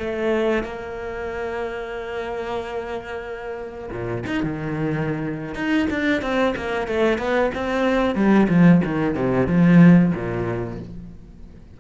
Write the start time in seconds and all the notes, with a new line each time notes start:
0.00 A3
0.63 A#3
3.91 A#2
4.27 D#4
4.43 D#3
5.55 D#4
5.91 D4
6.22 C4
6.56 A#3
6.87 A3
7.18 B3
7.55 C4
8.15 G3
8.49 F3
8.85 D#3
9.15 C3
9.47 F3
10.15 A#2